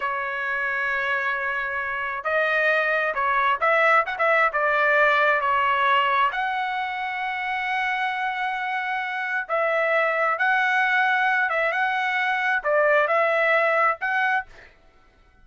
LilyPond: \new Staff \with { instrumentName = "trumpet" } { \time 4/4 \tempo 4 = 133 cis''1~ | cis''4 dis''2 cis''4 | e''4 fis''16 e''8. d''2 | cis''2 fis''2~ |
fis''1~ | fis''4 e''2 fis''4~ | fis''4. e''8 fis''2 | d''4 e''2 fis''4 | }